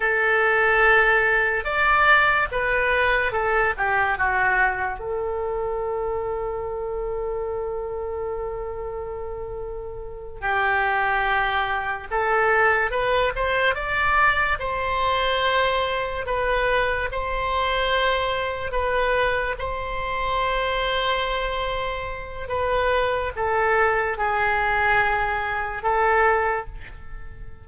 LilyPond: \new Staff \with { instrumentName = "oboe" } { \time 4/4 \tempo 4 = 72 a'2 d''4 b'4 | a'8 g'8 fis'4 a'2~ | a'1~ | a'8 g'2 a'4 b'8 |
c''8 d''4 c''2 b'8~ | b'8 c''2 b'4 c''8~ | c''2. b'4 | a'4 gis'2 a'4 | }